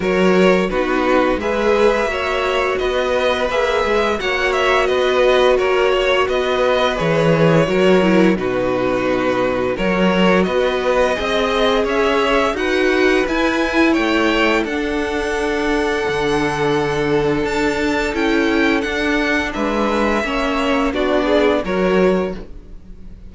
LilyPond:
<<
  \new Staff \with { instrumentName = "violin" } { \time 4/4 \tempo 4 = 86 cis''4 b'4 e''2 | dis''4 e''4 fis''8 e''8 dis''4 | cis''4 dis''4 cis''2 | b'2 cis''4 dis''4~ |
dis''4 e''4 fis''4 gis''4 | g''4 fis''2.~ | fis''4 a''4 g''4 fis''4 | e''2 d''4 cis''4 | }
  \new Staff \with { instrumentName = "violin" } { \time 4/4 ais'4 fis'4 b'4 cis''4 | b'2 cis''4 b'4 | ais'8 cis''8 b'2 ais'4 | fis'2 ais'4 b'4 |
dis''4 cis''4 b'2 | cis''4 a'2.~ | a'1 | b'4 cis''4 fis'8 gis'8 ais'4 | }
  \new Staff \with { instrumentName = "viola" } { \time 4/4 fis'4 dis'4 gis'4 fis'4~ | fis'4 gis'4 fis'2~ | fis'2 gis'4 fis'8 e'8 | dis'2 fis'2 |
gis'2 fis'4 e'4~ | e'4 d'2.~ | d'2 e'4 d'4~ | d'4 cis'4 d'4 fis'4 | }
  \new Staff \with { instrumentName = "cello" } { \time 4/4 fis4 b4 gis4 ais4 | b4 ais8 gis8 ais4 b4 | ais4 b4 e4 fis4 | b,2 fis4 b4 |
c'4 cis'4 dis'4 e'4 | a4 d'2 d4~ | d4 d'4 cis'4 d'4 | gis4 ais4 b4 fis4 | }
>>